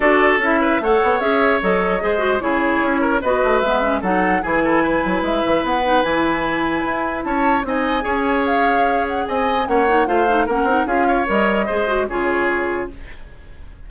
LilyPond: <<
  \new Staff \with { instrumentName = "flute" } { \time 4/4 \tempo 4 = 149 d''4 e''4 fis''4 e''4 | dis''2 cis''2 | dis''4 e''4 fis''4 gis''4~ | gis''4 e''4 fis''4 gis''4~ |
gis''2 a''4 gis''4~ | gis''4 f''4. fis''8 gis''4 | fis''4 f''4 fis''4 f''4 | dis''2 cis''2 | }
  \new Staff \with { instrumentName = "oboe" } { \time 4/4 a'4. b'8 cis''2~ | cis''4 c''4 gis'4. ais'8 | b'2 a'4 gis'8 a'8 | b'1~ |
b'2 cis''4 dis''4 | cis''2. dis''4 | cis''4 c''4 ais'4 gis'8 cis''8~ | cis''4 c''4 gis'2 | }
  \new Staff \with { instrumentName = "clarinet" } { \time 4/4 fis'4 e'4 a'4 gis'4 | a'4 gis'8 fis'8 e'2 | fis'4 b8 cis'8 dis'4 e'4~ | e'2~ e'8 dis'8 e'4~ |
e'2. dis'4 | gis'1 | cis'8 dis'8 f'8 dis'8 cis'8 dis'8 f'4 | ais'4 gis'8 fis'8 f'2 | }
  \new Staff \with { instrumentName = "bassoon" } { \time 4/4 d'4 cis'4 a8 b8 cis'4 | fis4 gis4 cis4 cis'4 | b8 a8 gis4 fis4 e4~ | e8 fis8 gis8 e8 b4 e4~ |
e4 e'4 cis'4 c'4 | cis'2. c'4 | ais4 a4 ais8 c'8 cis'4 | g4 gis4 cis2 | }
>>